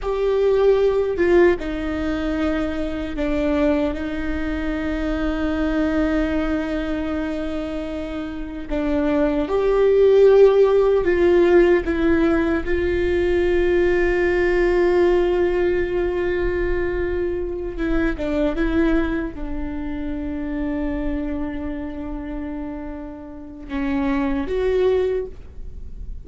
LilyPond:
\new Staff \with { instrumentName = "viola" } { \time 4/4 \tempo 4 = 76 g'4. f'8 dis'2 | d'4 dis'2.~ | dis'2. d'4 | g'2 f'4 e'4 |
f'1~ | f'2~ f'8 e'8 d'8 e'8~ | e'8 d'2.~ d'8~ | d'2 cis'4 fis'4 | }